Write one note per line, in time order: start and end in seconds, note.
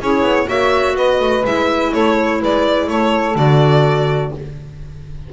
0.00 0.22 C#4
0.00 0.47 E4
0.00 0.46 G#4
0.00 0.48 C#5
0.22 0.46 B3
0.46 0.96 A#3
0.46 1.43 F#4
0.46 0.94 C#5
0.46 0.96 E5
0.96 1.20 B3
0.96 1.92 B4
0.96 1.46 D#5
1.20 1.44 A3
1.45 1.93 G#3
1.45 3.35 E4
1.45 1.93 E5
1.92 2.42 A3
1.92 2.39 A4
1.92 2.41 C#5
2.39 2.88 G#3
2.39 2.87 B4
2.39 2.89 D5
2.88 3.36 A3
2.88 4.33 A4
2.88 3.37 C#5
3.35 4.32 D3
3.35 4.31 F#4
3.35 4.33 D5